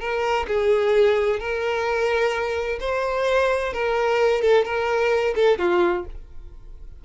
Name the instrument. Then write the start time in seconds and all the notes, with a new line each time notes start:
violin
0.00 A#4
0.48 G#4
1.40 A#4
2.80 C5
3.73 A#4
4.41 A4
4.64 A#4
5.35 A4
5.58 F4